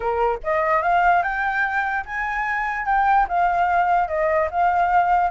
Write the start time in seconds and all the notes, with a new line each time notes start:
0.00 A#4
0.43 D#5
0.82 F5
1.22 G5
2.05 G#5
2.85 G5
3.28 F5
4.07 D#5
4.50 F5